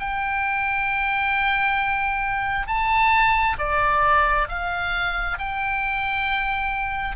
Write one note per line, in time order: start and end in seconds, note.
0.00 2.67 G5
2.67 3.57 A5
3.59 4.48 D5
4.49 5.39 F5
5.39 7.16 G5